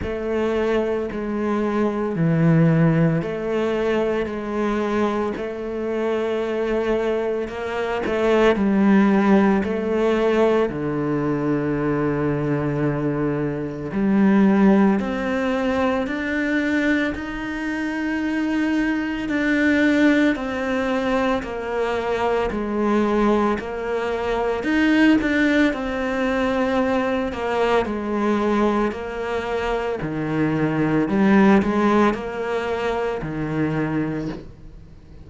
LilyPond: \new Staff \with { instrumentName = "cello" } { \time 4/4 \tempo 4 = 56 a4 gis4 e4 a4 | gis4 a2 ais8 a8 | g4 a4 d2~ | d4 g4 c'4 d'4 |
dis'2 d'4 c'4 | ais4 gis4 ais4 dis'8 d'8 | c'4. ais8 gis4 ais4 | dis4 g8 gis8 ais4 dis4 | }